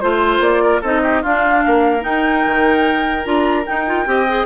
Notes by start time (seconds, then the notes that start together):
0.00 A3 F4 C5
0.40 A#3 D5
0.63 A#4
0.81 C4 D#4 A4 D#5
1.03 G4
1.22 D4 F4 F5
1.65 A#3 A#4
2.01 D#4 G5
2.46 D#3
3.25 D4 F4 A#5
3.66 D#4 G5
3.86 F4
4.06 C4 G4 D#5
4.28 G#4